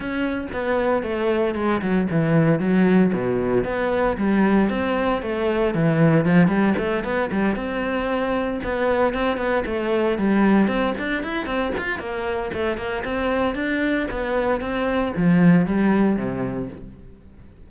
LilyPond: \new Staff \with { instrumentName = "cello" } { \time 4/4 \tempo 4 = 115 cis'4 b4 a4 gis8 fis8 | e4 fis4 b,4 b4 | g4 c'4 a4 e4 | f8 g8 a8 b8 g8 c'4.~ |
c'8 b4 c'8 b8 a4 g8~ | g8 c'8 d'8 e'8 c'8 f'8 ais4 | a8 ais8 c'4 d'4 b4 | c'4 f4 g4 c4 | }